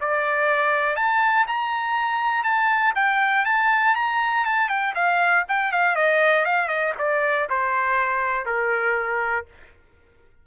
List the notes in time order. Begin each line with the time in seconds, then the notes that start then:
0.00 D5
0.96 A5
1.47 A#5
2.43 A5
2.95 G5
3.45 A5
3.95 A#5
4.45 A5
4.69 G5
4.95 F5
5.48 G5
5.72 F5
5.95 D#5
6.45 F5
6.68 D#5
6.98 D5
7.49 C5
8.45 A#4